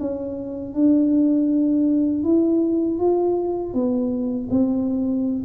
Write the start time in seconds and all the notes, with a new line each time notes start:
0.00 C#4
0.74 D4
2.24 E4
2.99 F4
3.74 B3
4.50 C4